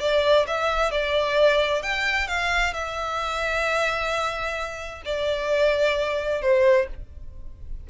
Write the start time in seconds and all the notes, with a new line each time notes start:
0.00 D5
0.47 E5
0.91 D5
1.82 G5
2.28 F5
2.73 E5
5.05 D5
6.41 C5